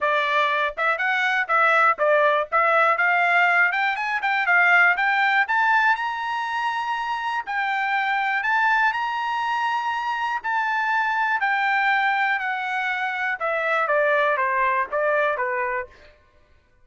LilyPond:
\new Staff \with { instrumentName = "trumpet" } { \time 4/4 \tempo 4 = 121 d''4. e''8 fis''4 e''4 | d''4 e''4 f''4. g''8 | gis''8 g''8 f''4 g''4 a''4 | ais''2. g''4~ |
g''4 a''4 ais''2~ | ais''4 a''2 g''4~ | g''4 fis''2 e''4 | d''4 c''4 d''4 b'4 | }